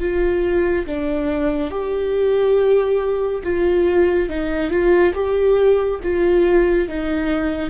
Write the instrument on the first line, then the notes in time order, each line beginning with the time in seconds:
viola
0.00 F4
0.86 D4
1.71 G4
3.43 F4
4.29 D#4
4.71 F4
5.14 G4
6.03 F4
6.88 D#4